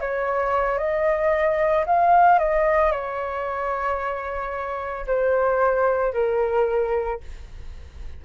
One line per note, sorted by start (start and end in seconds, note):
0.00 0.77 C#5
0.77 1.85 D#5
1.86 2.39 F5
2.39 2.92 D#5
2.92 5.06 C#5
5.06 6.13 C5
6.13 7.20 A#4